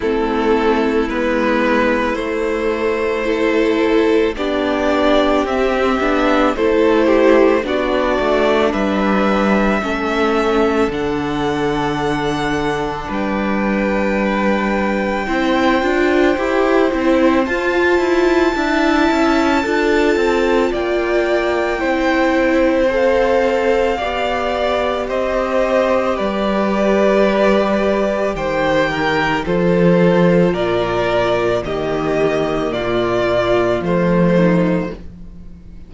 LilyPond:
<<
  \new Staff \with { instrumentName = "violin" } { \time 4/4 \tempo 4 = 55 a'4 b'4 c''2 | d''4 e''4 c''4 d''4 | e''2 fis''2 | g''1 |
a''2. g''4~ | g''4 f''2 dis''4 | d''2 g''4 c''4 | d''4 dis''4 d''4 c''4 | }
  \new Staff \with { instrumentName = "violin" } { \time 4/4 e'2. a'4 | g'2 a'8 g'8 fis'4 | b'4 a'2. | b'2 c''2~ |
c''4 e''4 a'4 d''4 | c''2 d''4 c''4 | b'2 c''8 ais'8 a'4 | ais'4 g'4 f'4. dis'8 | }
  \new Staff \with { instrumentName = "viola" } { \time 4/4 c'4 b4 a4 e'4 | d'4 c'8 d'8 e'4 d'4~ | d'4 cis'4 d'2~ | d'2 e'8 f'8 g'8 e'8 |
f'4 e'4 f'2 | e'4 a'4 g'2~ | g'2. f'4~ | f'4 ais2 a4 | }
  \new Staff \with { instrumentName = "cello" } { \time 4/4 a4 gis4 a2 | b4 c'8 b8 a4 b8 a8 | g4 a4 d2 | g2 c'8 d'8 e'8 c'8 |
f'8 e'8 d'8 cis'8 d'8 c'8 ais4 | c'2 b4 c'4 | g2 dis4 f4 | ais,4 dis4 ais,4 f4 | }
>>